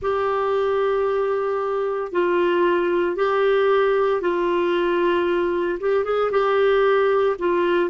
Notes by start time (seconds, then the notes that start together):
0.01 G4
2.11 F4
3.16 G4
4.21 F4
5.79 G4
6.04 G#4
6.31 G4
7.39 F4